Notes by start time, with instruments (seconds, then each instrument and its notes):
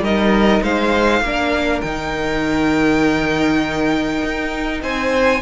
0.00 cello G3, viola D#4, violin A#4 D#5
0.61 cello G#3, violin C5 F5
1.21 cello A#3, viola D4, violin A#4
1.81 cello D#3, viola D#4, violin G5
4.23 cello D#4
4.81 cello C4, violin C5 G#5